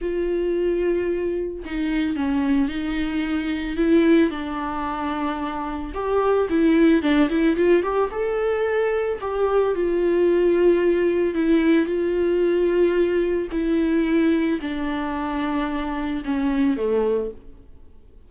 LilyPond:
\new Staff \with { instrumentName = "viola" } { \time 4/4 \tempo 4 = 111 f'2. dis'4 | cis'4 dis'2 e'4 | d'2. g'4 | e'4 d'8 e'8 f'8 g'8 a'4~ |
a'4 g'4 f'2~ | f'4 e'4 f'2~ | f'4 e'2 d'4~ | d'2 cis'4 a4 | }